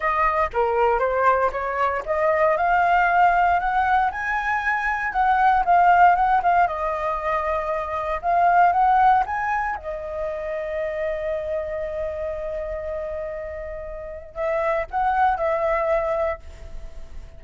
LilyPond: \new Staff \with { instrumentName = "flute" } { \time 4/4 \tempo 4 = 117 dis''4 ais'4 c''4 cis''4 | dis''4 f''2 fis''4 | gis''2 fis''4 f''4 | fis''8 f''8 dis''2. |
f''4 fis''4 gis''4 dis''4~ | dis''1~ | dis''1 | e''4 fis''4 e''2 | }